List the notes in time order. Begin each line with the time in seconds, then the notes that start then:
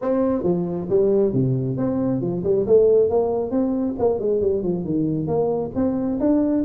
0.01 C4
0.43 F3
0.89 G3
1.33 C3
1.77 C4
2.21 F3
2.43 G3
2.66 A3
3.09 A#3
3.51 C4
3.98 A#3
4.19 G#3
4.41 G3
4.63 F3
4.84 D#3
5.27 A#3
5.75 C4
6.20 D4